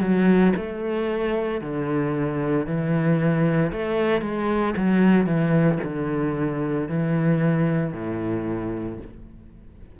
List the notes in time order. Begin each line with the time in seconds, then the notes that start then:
0.00 F#3
0.56 A3
1.61 D3
2.66 E3
3.72 A3
4.21 G#3
4.77 F#3
5.26 E3
5.83 D3
6.89 E3
7.93 A2